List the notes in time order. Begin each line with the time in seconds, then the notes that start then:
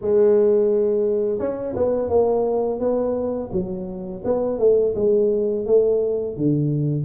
0.01 G#3
1.38 C#4
1.75 B3
2.09 A#3
2.79 B3
3.52 F#3
4.24 B3
4.59 A3
4.95 G#3
5.66 A3
6.37 D3